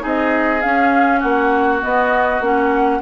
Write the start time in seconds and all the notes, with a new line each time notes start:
0.00 C4 D#4 G#4 D#5
0.61 C#4 F5
1.20 A#3 F#4 F#5
1.81 B3 D#5
2.40 A#3 C#4 F#5